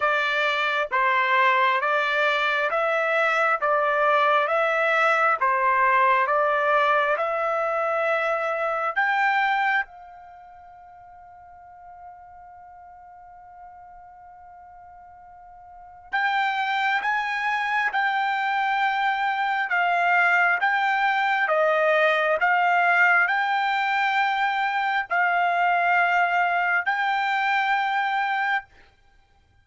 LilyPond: \new Staff \with { instrumentName = "trumpet" } { \time 4/4 \tempo 4 = 67 d''4 c''4 d''4 e''4 | d''4 e''4 c''4 d''4 | e''2 g''4 f''4~ | f''1~ |
f''2 g''4 gis''4 | g''2 f''4 g''4 | dis''4 f''4 g''2 | f''2 g''2 | }